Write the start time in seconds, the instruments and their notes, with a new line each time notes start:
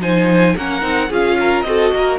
0.00 cello F3, viola D#4, violin C5 G#5
0.57 cello A#3, viola C#4, violin A#4 F#5
0.81 cello C4, viola D#4
1.10 cello C#4, viola F4, violin G#4 F5
1.40 violin A#4
1.61 cello C4, viola F#4, violin D#5
1.68 violin A4
1.93 cello A#3, violin A#4